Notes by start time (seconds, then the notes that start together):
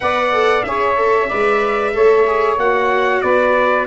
0.00 B3 B4 D5 F#5
0.31 A4
0.63 C#4 G#4 C#5 E5
0.96 A4
1.27 G#3 B4 D5
1.93 A3 A4 C#5
2.26 G#4
2.57 A#3 F#4 F#5
3.21 B3 B4 D5